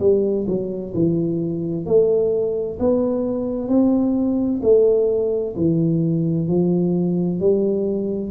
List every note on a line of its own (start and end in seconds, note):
0.00 0.46 G3
0.47 0.94 F#3
0.94 1.86 E3
1.86 2.78 A3
2.79 3.68 B3
3.68 4.61 C4
4.63 5.55 A3
5.56 6.48 E3
6.48 7.40 F3
7.40 8.31 G3